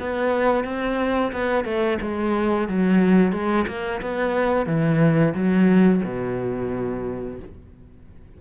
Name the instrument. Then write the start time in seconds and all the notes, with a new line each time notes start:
cello
0.00 B3
0.64 C4
1.32 B3
1.65 A3
2.02 G#3
2.68 F#3
3.32 G#3
3.67 A#3
4.02 B3
4.66 E3
5.34 F#3
6.04 B2